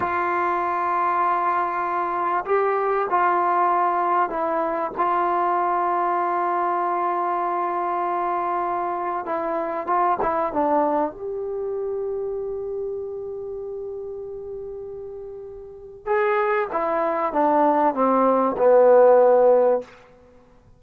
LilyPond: \new Staff \with { instrumentName = "trombone" } { \time 4/4 \tempo 4 = 97 f'1 | g'4 f'2 e'4 | f'1~ | f'2. e'4 |
f'8 e'8 d'4 g'2~ | g'1~ | g'2 gis'4 e'4 | d'4 c'4 b2 | }